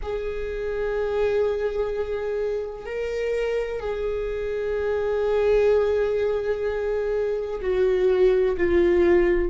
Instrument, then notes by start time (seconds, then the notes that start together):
viola
0.02 G#4
2.85 A#4
3.80 G#4
7.61 F#4
8.57 F4